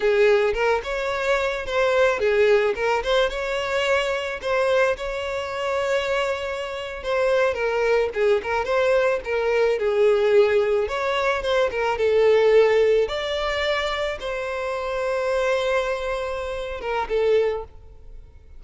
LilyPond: \new Staff \with { instrumentName = "violin" } { \time 4/4 \tempo 4 = 109 gis'4 ais'8 cis''4. c''4 | gis'4 ais'8 c''8 cis''2 | c''4 cis''2.~ | cis''8. c''4 ais'4 gis'8 ais'8 c''16~ |
c''8. ais'4 gis'2 cis''16~ | cis''8. c''8 ais'8 a'2 d''16~ | d''4.~ d''16 c''2~ c''16~ | c''2~ c''8 ais'8 a'4 | }